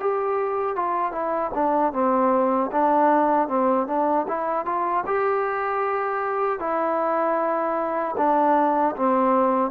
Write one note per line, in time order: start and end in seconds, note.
0.00 0.76 G4
0.76 1.12 F4
1.12 1.51 E4
1.54 1.93 D4
1.93 2.71 C4
2.72 3.49 D4
3.49 3.87 C4
3.87 4.26 D4
4.28 4.66 E4
4.66 5.05 F4
5.06 6.60 G4
6.60 8.16 E4
8.17 8.95 D4
8.96 9.71 C4